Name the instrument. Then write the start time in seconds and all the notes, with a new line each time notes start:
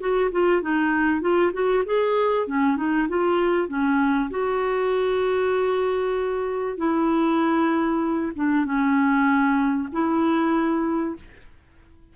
clarinet
0.00 F#4
0.32 F4
0.62 D#4
1.21 F4
1.53 F#4
1.86 G#4
2.47 C#4
2.77 D#4
3.09 F4
3.68 C#4
4.31 F#4
6.78 E4
8.36 D4
8.65 C#4
9.93 E4